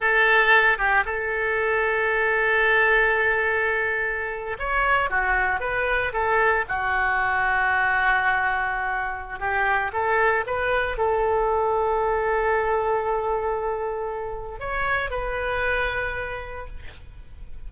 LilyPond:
\new Staff \with { instrumentName = "oboe" } { \time 4/4 \tempo 4 = 115 a'4. g'8 a'2~ | a'1~ | a'8. cis''4 fis'4 b'4 a'16~ | a'8. fis'2.~ fis'16~ |
fis'2 g'4 a'4 | b'4 a'2.~ | a'1 | cis''4 b'2. | }